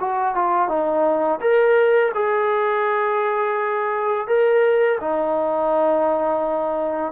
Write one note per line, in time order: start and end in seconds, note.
0.00 0.35 F#4
0.35 0.69 F4
0.69 1.40 D#4
1.41 2.12 A#4
2.15 4.28 G#4
4.28 4.99 A#4
5.01 7.12 D#4